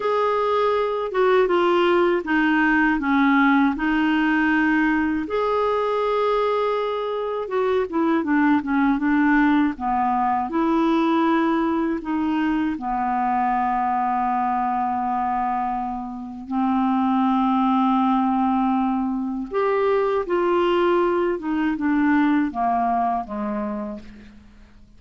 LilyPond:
\new Staff \with { instrumentName = "clarinet" } { \time 4/4 \tempo 4 = 80 gis'4. fis'8 f'4 dis'4 | cis'4 dis'2 gis'4~ | gis'2 fis'8 e'8 d'8 cis'8 | d'4 b4 e'2 |
dis'4 b2.~ | b2 c'2~ | c'2 g'4 f'4~ | f'8 dis'8 d'4 ais4 gis4 | }